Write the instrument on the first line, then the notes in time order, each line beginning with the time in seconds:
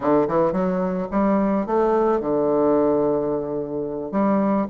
bassoon
0.00 D3
0.28 E3
0.52 F#3
1.11 G3
1.66 A3
2.20 D3
4.11 G3